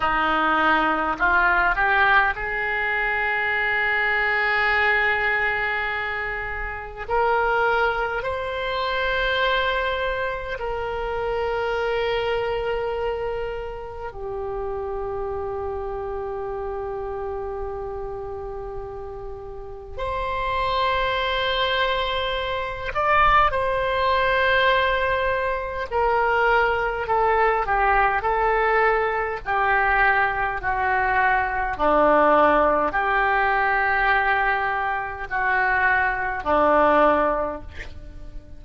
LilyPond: \new Staff \with { instrumentName = "oboe" } { \time 4/4 \tempo 4 = 51 dis'4 f'8 g'8 gis'2~ | gis'2 ais'4 c''4~ | c''4 ais'2. | g'1~ |
g'4 c''2~ c''8 d''8 | c''2 ais'4 a'8 g'8 | a'4 g'4 fis'4 d'4 | g'2 fis'4 d'4 | }